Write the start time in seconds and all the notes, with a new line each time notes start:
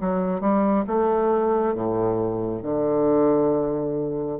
0.00 F#3
0.40 G3
0.87 A3
1.74 A2
2.63 D3